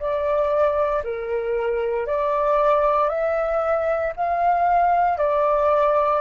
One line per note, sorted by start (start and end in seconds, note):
0.00 1.03 D5
1.04 2.07 A#4
2.07 3.09 D5
3.09 4.13 E5
4.17 5.18 F5
5.18 6.22 D5